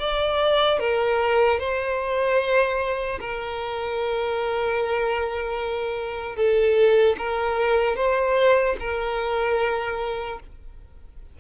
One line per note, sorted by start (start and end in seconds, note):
0.00 0.80 D5
0.80 1.60 A#4
1.60 3.20 C5
3.20 6.36 A#4
6.36 7.16 A4
7.19 7.97 A#4
7.97 8.77 C5
8.80 10.40 A#4